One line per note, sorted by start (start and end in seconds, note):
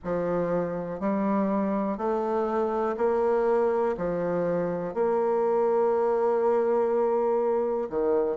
0.04 1.00 F3
1.00 1.97 G3
1.97 2.96 A3
2.97 3.95 A#3
3.97 4.94 F3
4.94 7.89 A#3
7.89 8.37 D#3